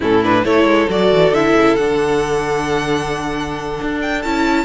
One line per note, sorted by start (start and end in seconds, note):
0.00 0.45 A2
0.00 0.23 C#4
0.00 0.44 E4
0.00 0.24 A4
0.23 0.44 D4
0.23 0.44 B4
0.44 0.64 A3
0.44 0.88 E4
0.44 4.64 A4
0.44 0.89 C#5
0.64 0.86 G#3
0.89 1.11 F#3
0.89 1.33 F#4
0.89 1.34 D5
1.12 1.31 E3
1.31 1.53 D3
1.31 1.79 E4
1.31 1.76 E5
1.54 1.76 C#3
1.76 3.79 D3
1.76 4.23 D4
1.76 3.98 F#5
3.81 4.24 D4
4.01 4.22 G5
4.22 4.64 C#4
4.22 4.64 E4
4.22 4.64 A5